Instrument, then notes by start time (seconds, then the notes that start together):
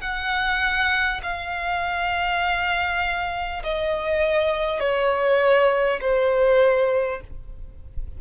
violin
0.00 F#5
1.23 F5
3.63 D#5
4.80 C#5
6.01 C5